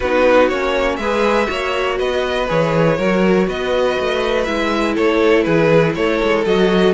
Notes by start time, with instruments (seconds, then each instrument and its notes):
0.00 cello B3, viola D#4, violin F#4 B4
0.48 cello A#3, viola C#4, violin C#5
0.96 cello G#3, viola G#4, violin B4 E5
1.46 cello A#3, viola F#4, violin C#5
1.98 cello B3, violin B4 D#5
2.47 cello E3, viola G#4, violin C#5
2.97 cello F#3, viola F#4, violin A#4
3.47 cello B3, violin B4 D#5
4.00 cello A3
4.44 cello G#3, viola E4, violin E5
4.94 cello A3, violin A4 C#5
5.43 cello E3, violin G#4 B4
5.94 cello A3, violin A4 C#5
6.22 cello G#3
6.44 cello F#3, viola F#4, violin D#5